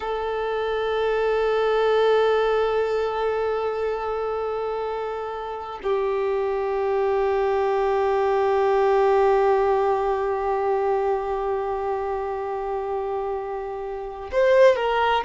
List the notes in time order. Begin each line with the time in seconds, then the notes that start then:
0.00 A4
5.83 G4
14.31 C5
14.75 A#4